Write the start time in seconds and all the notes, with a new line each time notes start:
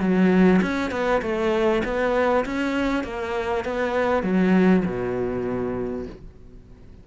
0.00 F#3
0.62 C#4
0.91 B3
1.22 A3
1.84 B3
2.45 C#4
3.04 A#3
3.64 B3
4.23 F#3
4.85 B2